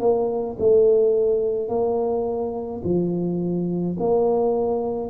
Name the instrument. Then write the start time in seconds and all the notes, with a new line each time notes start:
tuba
0.00 A#3
0.59 A3
1.69 A#3
2.84 F3
3.99 A#3